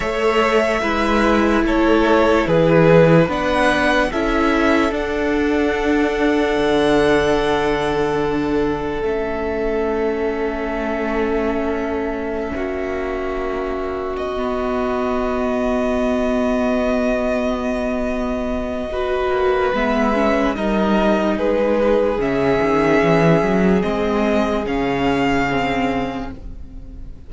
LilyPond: <<
  \new Staff \with { instrumentName = "violin" } { \time 4/4 \tempo 4 = 73 e''2 cis''4 b'4 | fis''4 e''4 fis''2~ | fis''2. e''4~ | e''1~ |
e''4~ e''16 dis''2~ dis''8.~ | dis''1 | e''4 dis''4 b'4 e''4~ | e''4 dis''4 f''2 | }
  \new Staff \with { instrumentName = "violin" } { \time 4/4 cis''4 b'4 a'4 gis'4 | b'4 a'2.~ | a'1~ | a'2.~ a'16 fis'8.~ |
fis'1~ | fis'2. b'4~ | b'4 ais'4 gis'2~ | gis'1 | }
  \new Staff \with { instrumentName = "viola" } { \time 4/4 a'4 e'2. | d'4 e'4 d'2~ | d'2. cis'4~ | cis'1~ |
cis'4. b2~ b8~ | b2. fis'4 | b8 cis'8 dis'2 cis'4~ | cis'4 c'4 cis'4 c'4 | }
  \new Staff \with { instrumentName = "cello" } { \time 4/4 a4 gis4 a4 e4 | b4 cis'4 d'2 | d2. a4~ | a2.~ a16 ais8.~ |
ais4~ ais16 b2~ b8.~ | b2.~ b8 ais8 | gis4 g4 gis4 cis8 dis8 | e8 fis8 gis4 cis2 | }
>>